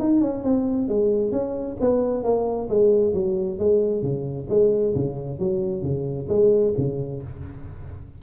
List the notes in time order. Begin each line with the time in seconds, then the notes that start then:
0.00 D#4
0.21 C#4
0.44 C4
0.89 G#3
1.32 C#4
1.81 B3
2.24 A#3
2.70 G#3
3.14 F#3
3.59 G#3
4.03 C#3
4.50 G#3
4.96 C#3
5.40 F#3
5.83 C#3
6.29 G#3
6.78 C#3